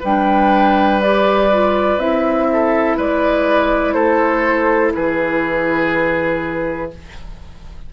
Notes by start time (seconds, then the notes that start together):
0.00 G3 D4 B4 G5
1.02 G4 D5
1.52 F4
1.98 C4 E4 E5
2.53 A4
2.97 G#3 B4 D5
3.93 A3 A4 C5
4.94 E3 G#4 B4